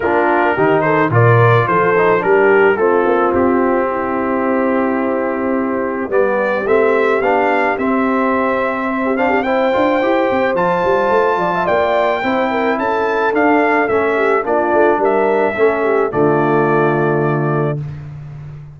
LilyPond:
<<
  \new Staff \with { instrumentName = "trumpet" } { \time 4/4 \tempo 4 = 108 ais'4. c''8 d''4 c''4 | ais'4 a'4 g'2~ | g'2. d''4 | e''4 f''4 e''2~ |
e''8 f''8 g''2 a''4~ | a''4 g''2 a''4 | f''4 e''4 d''4 e''4~ | e''4 d''2. | }
  \new Staff \with { instrumentName = "horn" } { \time 4/4 f'4 g'8 a'8 ais'4 a'4 | g'4 f'2 e'4~ | e'2. g'4~ | g'1 |
c''16 g'16 c''16 g'16 c''2.~ | c''8 d''16 e''16 d''4 c''8 ais'8 a'4~ | a'4. g'8 f'4 ais'4 | a'8 g'8 f'2. | }
  \new Staff \with { instrumentName = "trombone" } { \time 4/4 d'4 dis'4 f'4. dis'8 | d'4 c'2.~ | c'2. b4 | c'4 d'4 c'2~ |
c'8 d'8 e'8 f'8 g'4 f'4~ | f'2 e'2 | d'4 cis'4 d'2 | cis'4 a2. | }
  \new Staff \with { instrumentName = "tuba" } { \time 4/4 ais4 dis4 ais,4 f4 | g4 a8 ais8 c'2~ | c'2. g4 | a4 b4 c'2~ |
c'4. d'8 e'8 c'8 f8 g8 | a8 f8 ais4 c'4 cis'4 | d'4 a4 ais8 a8 g4 | a4 d2. | }
>>